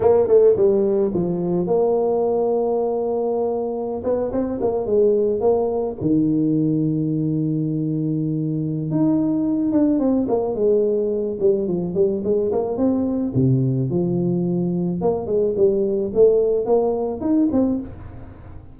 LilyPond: \new Staff \with { instrumentName = "tuba" } { \time 4/4 \tempo 4 = 108 ais8 a8 g4 f4 ais4~ | ais2.~ ais16 b8 c'16~ | c'16 ais8 gis4 ais4 dis4~ dis16~ | dis1 |
dis'4. d'8 c'8 ais8 gis4~ | gis8 g8 f8 g8 gis8 ais8 c'4 | c4 f2 ais8 gis8 | g4 a4 ais4 dis'8 c'8 | }